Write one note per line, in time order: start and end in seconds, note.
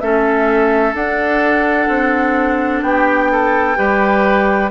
0.00 0.94 A3
0.00 0.95 C#4
0.00 2.84 A4
0.00 0.94 E5
0.94 1.88 D4
0.94 3.75 D4
0.94 2.82 F#5
1.88 2.82 C4
2.82 3.76 B3
2.82 3.31 G4
2.82 4.69 G5
3.31 3.78 A4
3.75 4.71 G3
3.75 4.69 G4
3.75 4.71 B4